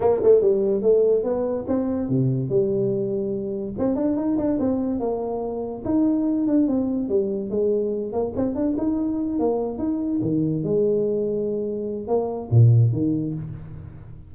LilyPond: \new Staff \with { instrumentName = "tuba" } { \time 4/4 \tempo 4 = 144 ais8 a8 g4 a4 b4 | c'4 c4 g2~ | g4 c'8 d'8 dis'8 d'8 c'4 | ais2 dis'4. d'8 |
c'4 g4 gis4. ais8 | c'8 d'8 dis'4. ais4 dis'8~ | dis'8 dis4 gis2~ gis8~ | gis4 ais4 ais,4 dis4 | }